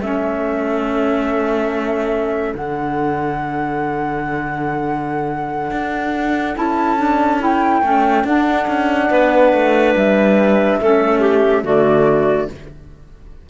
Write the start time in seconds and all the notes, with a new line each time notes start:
0.00 A3 C#4 A4 E5
2.54 D3 D4 F#5
5.70 D4
6.54 C#4 E4 A5
6.98 D4
7.40 E4 G5
7.81 A3 C#4
8.24 D4 F#5
8.67 C#4
9.10 B3 B4
9.52 A3
9.95 G3 E5
10.80 A3 C#4 A4
11.20 G4
11.63 D3 A3 F#4 D5